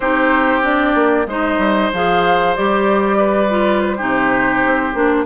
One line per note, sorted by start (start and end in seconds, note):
0.00 0.94 C4
0.00 0.62 D#4
0.00 1.26 G4
0.00 0.62 C5
0.62 1.26 D4
0.62 1.28 D5
0.94 1.26 A#3
1.26 1.58 G#3
1.26 1.93 D#4
1.26 3.17 C5
1.26 1.92 D#5
1.58 1.90 G3
1.92 2.56 F3
1.92 2.56 G#4
1.92 2.55 F5
2.55 4.01 G3
2.55 3.49 G4
2.55 3.81 D5
3.17 3.96 B4
3.49 3.97 F4
3.81 5.24 C5
3.96 4.65 C3
3.96 4.94 D#4
3.96 5.24 G4
4.65 4.94 C4
4.94 5.25 A#3
4.94 5.25 D4